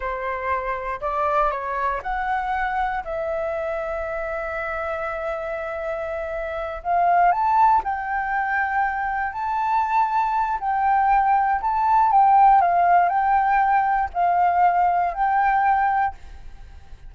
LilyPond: \new Staff \with { instrumentName = "flute" } { \time 4/4 \tempo 4 = 119 c''2 d''4 cis''4 | fis''2 e''2~ | e''1~ | e''4. f''4 a''4 g''8~ |
g''2~ g''8 a''4.~ | a''4 g''2 a''4 | g''4 f''4 g''2 | f''2 g''2 | }